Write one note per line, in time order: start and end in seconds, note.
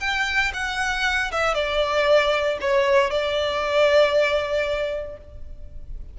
0.00 0.52 G5
0.54 1.31 F#5
1.31 1.54 E5
1.54 2.58 D5
2.61 3.11 C#5
3.11 5.17 D5